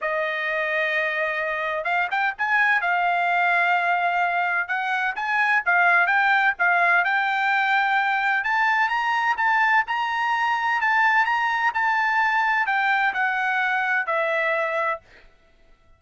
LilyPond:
\new Staff \with { instrumentName = "trumpet" } { \time 4/4 \tempo 4 = 128 dis''1 | f''8 g''8 gis''4 f''2~ | f''2 fis''4 gis''4 | f''4 g''4 f''4 g''4~ |
g''2 a''4 ais''4 | a''4 ais''2 a''4 | ais''4 a''2 g''4 | fis''2 e''2 | }